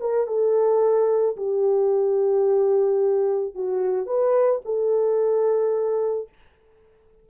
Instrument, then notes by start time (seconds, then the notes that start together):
horn
0.00 A#4
0.27 A4
1.37 G4
3.55 F#4
4.06 B4
4.65 A4